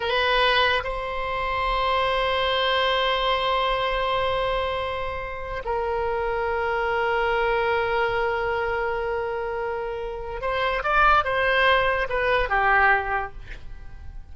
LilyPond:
\new Staff \with { instrumentName = "oboe" } { \time 4/4 \tempo 4 = 144 b'2 c''2~ | c''1~ | c''1~ | c''4. ais'2~ ais'8~ |
ais'1~ | ais'1~ | ais'4 c''4 d''4 c''4~ | c''4 b'4 g'2 | }